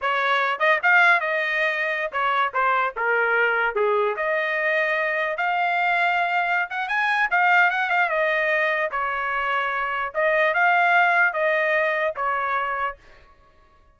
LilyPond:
\new Staff \with { instrumentName = "trumpet" } { \time 4/4 \tempo 4 = 148 cis''4. dis''8 f''4 dis''4~ | dis''4~ dis''16 cis''4 c''4 ais'8.~ | ais'4~ ais'16 gis'4 dis''4.~ dis''16~ | dis''4~ dis''16 f''2~ f''8.~ |
f''8 fis''8 gis''4 f''4 fis''8 f''8 | dis''2 cis''2~ | cis''4 dis''4 f''2 | dis''2 cis''2 | }